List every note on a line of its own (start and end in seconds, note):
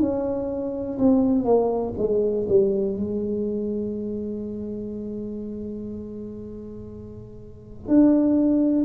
0.00 0.98 C#4
0.99 1.45 C4
1.45 1.94 A#3
1.99 2.48 G#3
2.49 2.97 G3
2.97 7.88 G#3
7.88 8.85 D4